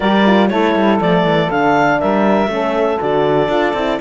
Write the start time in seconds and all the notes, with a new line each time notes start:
0.00 G3 G4 A#4 D5
0.26 F4
0.48 A3 E4 A4 C#5
0.75 G3
1.00 F3 A3 D5
1.24 E3
1.49 D3 D4 F5
2.00 G3 A#4 E5
2.47 A3 C#4 A4
3.01 D3 F#4 D5
3.48 D4 F4
3.73 C4 E4